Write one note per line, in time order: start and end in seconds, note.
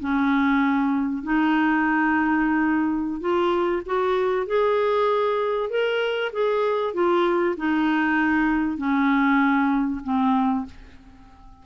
0.00 1.23 C#4
1.23 3.21 D#4
3.21 3.83 F4
3.86 4.47 F#4
4.47 5.70 G#4
5.70 6.32 A#4
6.33 6.94 G#4
6.94 7.56 F4
7.57 8.78 D#4
8.78 10.01 C#4
10.04 10.66 C4